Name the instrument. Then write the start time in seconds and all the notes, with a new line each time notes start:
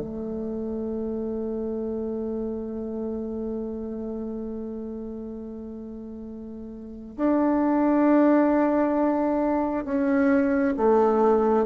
bassoon
0.00 A3
7.17 D4
9.85 C#4
10.77 A3